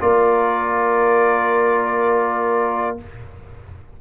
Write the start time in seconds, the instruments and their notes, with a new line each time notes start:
0.00 tuba A#3, trombone F4, horn A#4, trumpet D5